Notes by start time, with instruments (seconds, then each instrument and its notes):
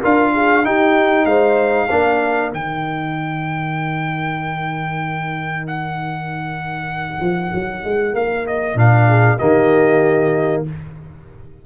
0.00 tuba D4, trombone F4, horn A#4, trumpet F5
0.34 horn G#4
0.64 trombone D#4, tuba D#4, horn G4, trumpet G5
1.25 tuba G#3, horn C5, trumpet F5
1.88 tuba A#3, trombone D4, horn A#4
2.52 tuba D#3, trombone D#4, trumpet G5
5.67 trumpet F#5
7.21 tuba F3
7.54 tuba F#3
7.84 tuba G#3
8.13 tuba A#3, trumpet F5
8.46 trumpet D#5
8.75 tuba A#2, trombone D4, trumpet F5
9.07 horn G#4
9.38 tuba D#3, trombone A#3, horn G4, trumpet D#5